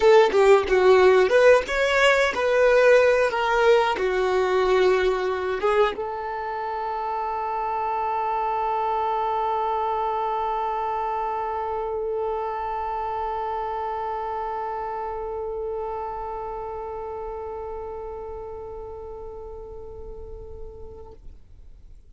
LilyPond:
\new Staff \with { instrumentName = "violin" } { \time 4/4 \tempo 4 = 91 a'8 g'8 fis'4 b'8 cis''4 b'8~ | b'4 ais'4 fis'2~ | fis'8 gis'8 a'2.~ | a'1~ |
a'1~ | a'1~ | a'1~ | a'1 | }